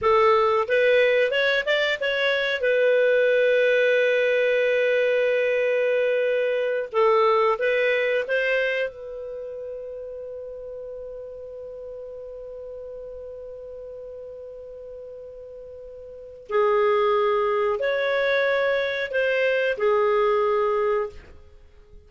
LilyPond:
\new Staff \with { instrumentName = "clarinet" } { \time 4/4 \tempo 4 = 91 a'4 b'4 cis''8 d''8 cis''4 | b'1~ | b'2~ b'8 a'4 b'8~ | b'8 c''4 b'2~ b'8~ |
b'1~ | b'1~ | b'4 gis'2 cis''4~ | cis''4 c''4 gis'2 | }